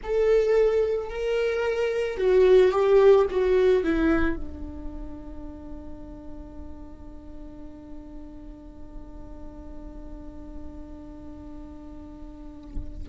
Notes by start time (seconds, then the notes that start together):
0.03 A4
1.09 A#4
2.17 F#4
2.71 G4
3.30 F#4
3.83 E4
4.35 D4